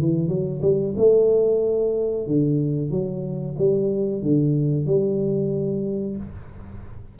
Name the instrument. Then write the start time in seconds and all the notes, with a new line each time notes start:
tuba
0.00 E3
0.28 F#3
0.62 G3
0.97 A3
2.27 D3
2.91 F#3
3.58 G3
4.22 D3
4.86 G3